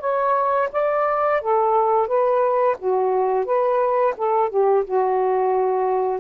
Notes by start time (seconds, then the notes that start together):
0.00 C#5
0.72 D5
1.41 A4
2.08 B4
2.78 F#4
3.45 B4
4.17 A4
4.50 G4
4.85 F#4